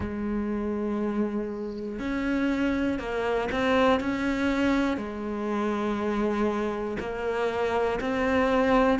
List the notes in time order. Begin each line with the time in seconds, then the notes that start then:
0.00 G#3
1.99 C#4
2.99 A#3
3.51 C4
4.00 C#4
4.97 G#3
7.00 A#3
8.00 C4